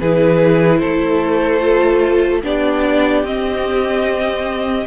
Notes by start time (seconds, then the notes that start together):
0.00 E3 E4 G#4 B4
0.78 A3 A4 C5
1.60 F4
2.43 B3 D4 G4 D5
3.23 C4 D#5